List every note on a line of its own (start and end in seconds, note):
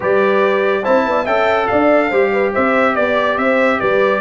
0.00 0.85 G3
0.00 0.83 G4
0.00 0.82 B4
0.00 0.84 D5
0.82 1.06 C4
0.82 1.26 E4
0.82 1.04 C5
0.82 1.26 A5
1.06 1.26 B3
1.06 1.24 D5
1.24 1.68 C#4
1.24 2.11 A4
1.24 1.66 E5
1.24 1.67 G5
1.67 2.11 D4
1.67 2.09 D5
1.67 2.51 F5
2.09 2.53 G3
2.09 4.21 G4
2.09 2.30 C5
2.32 2.52 B4
2.52 2.96 C4
2.52 2.95 C5
2.52 2.95 E5
2.95 3.37 B3
2.95 3.37 D5
3.37 3.79 C4
3.37 3.79 C5
3.37 3.80 E5
3.79 4.21 G3
3.79 4.21 B4
3.79 4.21 D5